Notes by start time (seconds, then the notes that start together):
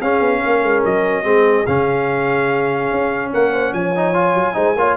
0.00 C#4 G#4 F5
0.20 B3
0.43 A#3 A#4
0.63 G#3
0.85 F#3 D#5
1.24 G#3 C4 G#4
1.66 C#3 C#4 F5
2.92 C#4
3.33 A#3 A#4 F#5
3.53 C5
3.73 F3 C#5 G#5
3.96 D#4
4.14 F4
4.34 F#3
4.54 G#3 D#4 C5
4.76 A#3 F4 C#5